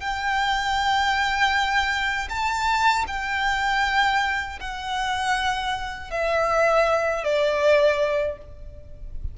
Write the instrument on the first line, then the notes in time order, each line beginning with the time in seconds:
violin
0.00 G5
2.29 A5
3.07 G5
4.60 F#5
6.10 E5
7.24 D5